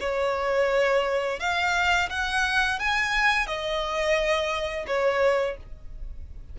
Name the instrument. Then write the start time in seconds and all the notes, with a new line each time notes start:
violin
0.00 C#5
1.40 F5
2.09 F#5
2.79 G#5
3.47 D#5
4.87 C#5